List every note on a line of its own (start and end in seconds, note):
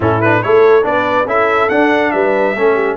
0.00 0.41 A2
0.00 0.21 C#4
0.00 0.42 E4
0.00 0.21 A4
0.21 0.43 D4
0.21 0.42 B4
0.42 0.84 A3
0.42 0.82 E4
0.42 0.85 A4
0.42 0.84 C#5
0.82 1.25 B3
0.82 1.24 D4
0.82 1.27 B4
0.82 1.28 D5
1.25 1.68 C#4
1.25 1.70 E4
1.25 2.12 A4
1.25 1.69 E5
1.69 2.13 D4
1.69 2.55 D4
1.69 2.11 F#5
2.11 2.54 G3
2.11 2.56 B4
2.11 2.96 E5
2.54 2.97 A3
2.54 2.97 C#4
2.54 2.74 A4
2.74 2.95 G4